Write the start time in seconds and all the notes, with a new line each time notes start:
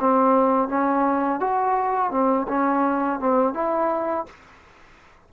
0.00 C4
0.68 C#4
1.40 F#4
2.11 C4
2.48 C#4
3.20 C4
3.54 E4